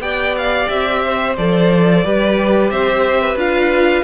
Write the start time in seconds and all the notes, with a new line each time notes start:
0.00 B3 G4 D5 G5
0.38 F5
0.69 C4 E5
1.05 C5
1.37 F3 A4 D5
2.05 G3 G4 B4
2.71 C4 C5 E5
3.21 B4
3.36 D4 F4 F5